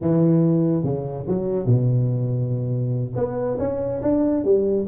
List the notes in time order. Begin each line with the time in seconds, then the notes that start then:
0.01 E3
0.83 C#3
1.27 F#3
1.65 B2
3.15 B3
3.58 C#4
4.02 D4
4.44 G3